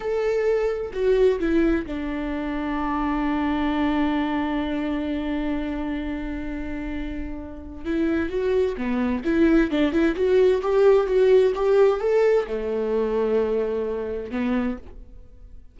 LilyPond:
\new Staff \with { instrumentName = "viola" } { \time 4/4 \tempo 4 = 130 a'2 fis'4 e'4 | d'1~ | d'1~ | d'1~ |
d'4 e'4 fis'4 b4 | e'4 d'8 e'8 fis'4 g'4 | fis'4 g'4 a'4 a4~ | a2. b4 | }